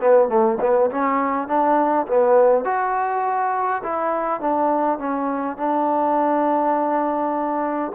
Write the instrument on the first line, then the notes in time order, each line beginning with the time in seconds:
trombone
0.00 B3
0.28 A3
0.60 B3
0.91 C#4
1.47 D4
2.07 B3
2.64 F#4
3.83 E4
4.40 D4
4.98 C#4
5.57 D4